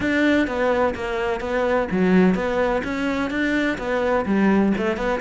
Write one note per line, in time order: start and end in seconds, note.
0.00 0.47 D4
0.47 0.94 B3
0.94 1.40 A#3
1.40 1.87 B3
1.91 2.34 F#3
2.34 2.82 B3
2.84 3.30 C#4
3.30 3.77 D4
3.78 4.25 B3
4.25 4.72 G3
4.77 4.96 A3
4.96 5.20 B3